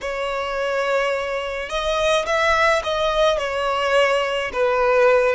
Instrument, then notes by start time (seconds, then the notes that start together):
violin
0.01 C#5
1.69 D#5
2.26 E5
2.83 D#5
3.38 C#5
4.53 B4